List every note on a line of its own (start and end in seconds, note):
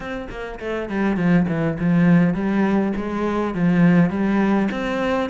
0.00 0.28 C4
0.29 0.59 A#3
0.59 0.89 A3
0.89 1.16 G3
1.16 1.46 F3
1.48 1.77 E3
1.79 2.34 F3
2.34 2.93 G3
2.96 3.54 G#3
3.54 4.10 F3
4.10 4.68 G3
4.71 5.29 C4